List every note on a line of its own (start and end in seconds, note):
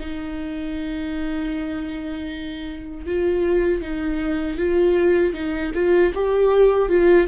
0.00 3.07 D#4
3.07 3.82 F4
3.82 4.58 D#4
4.58 5.34 F4
5.34 5.72 D#4
5.75 6.13 F4
6.15 6.90 G4
6.90 7.28 F4